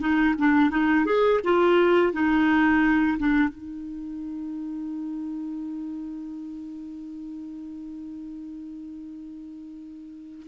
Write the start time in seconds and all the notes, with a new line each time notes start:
0.00 D#4
0.39 D4
0.71 D#4
1.06 G#4
1.44 F4
2.13 D#4
3.19 D4
3.49 D#4